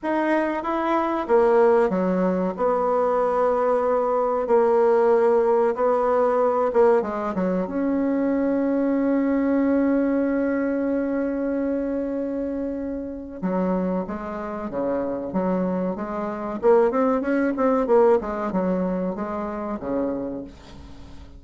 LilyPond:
\new Staff \with { instrumentName = "bassoon" } { \time 4/4 \tempo 4 = 94 dis'4 e'4 ais4 fis4 | b2. ais4~ | ais4 b4. ais8 gis8 fis8 | cis'1~ |
cis'1~ | cis'4 fis4 gis4 cis4 | fis4 gis4 ais8 c'8 cis'8 c'8 | ais8 gis8 fis4 gis4 cis4 | }